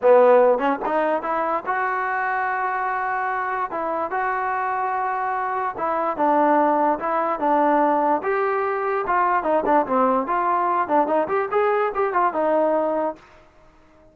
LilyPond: \new Staff \with { instrumentName = "trombone" } { \time 4/4 \tempo 4 = 146 b4. cis'8 dis'4 e'4 | fis'1~ | fis'4 e'4 fis'2~ | fis'2 e'4 d'4~ |
d'4 e'4 d'2 | g'2 f'4 dis'8 d'8 | c'4 f'4. d'8 dis'8 g'8 | gis'4 g'8 f'8 dis'2 | }